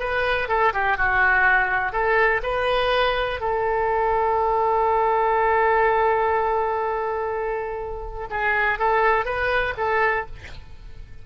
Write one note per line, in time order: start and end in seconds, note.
0.00 0.49 B4
0.49 0.73 A4
0.74 0.98 G4
0.98 1.93 F#4
1.93 2.41 A4
2.43 3.41 B4
3.41 8.28 A4
8.30 8.79 G#4
8.79 9.25 A4
9.25 9.74 B4
9.77 10.26 A4